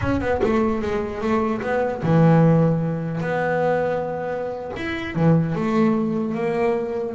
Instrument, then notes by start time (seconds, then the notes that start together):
double bass
0.01 C#4
0.20 B3
0.43 A3
0.81 G#3
1.21 A3
1.61 B3
2.02 E3
3.20 B3
4.76 E4
5.15 E3
5.55 A3
6.34 A#3